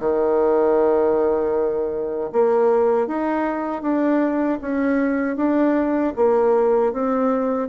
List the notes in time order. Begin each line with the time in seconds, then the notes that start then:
0.00 D#3
2.33 A#3
3.07 D#4
3.82 D4
4.62 C#4
5.37 D4
6.16 A#3
6.93 C4